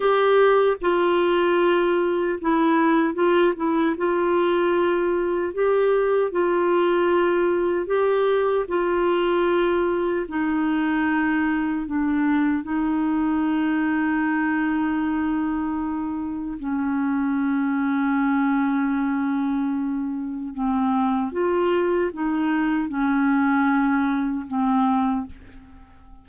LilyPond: \new Staff \with { instrumentName = "clarinet" } { \time 4/4 \tempo 4 = 76 g'4 f'2 e'4 | f'8 e'8 f'2 g'4 | f'2 g'4 f'4~ | f'4 dis'2 d'4 |
dis'1~ | dis'4 cis'2.~ | cis'2 c'4 f'4 | dis'4 cis'2 c'4 | }